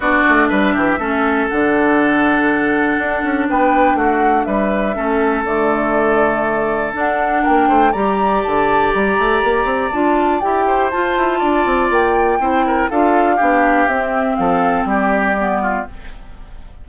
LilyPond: <<
  \new Staff \with { instrumentName = "flute" } { \time 4/4 \tempo 4 = 121 d''4 e''2 fis''4~ | fis''2. g''4 | fis''4 e''2 d''4~ | d''2 fis''4 g''4 |
ais''4 a''4 ais''2 | a''4 g''4 a''2 | g''2 f''2 | e''4 f''4 d''2 | }
  \new Staff \with { instrumentName = "oboe" } { \time 4/4 fis'4 b'8 g'8 a'2~ | a'2. b'4 | fis'4 b'4 a'2~ | a'2. ais'8 c''8 |
d''1~ | d''4. c''4. d''4~ | d''4 c''8 ais'8 a'4 g'4~ | g'4 a'4 g'4. f'8 | }
  \new Staff \with { instrumentName = "clarinet" } { \time 4/4 d'2 cis'4 d'4~ | d'1~ | d'2 cis'4 a4~ | a2 d'2 |
g'1 | f'4 g'4 f'2~ | f'4 e'4 f'4 d'4 | c'2. b4 | }
  \new Staff \with { instrumentName = "bassoon" } { \time 4/4 b8 a8 g8 e8 a4 d4~ | d2 d'8 cis'8 b4 | a4 g4 a4 d4~ | d2 d'4 ais8 a8 |
g4 d4 g8 a8 ais8 c'8 | d'4 e'4 f'8 e'8 d'8 c'8 | ais4 c'4 d'4 b4 | c'4 f4 g2 | }
>>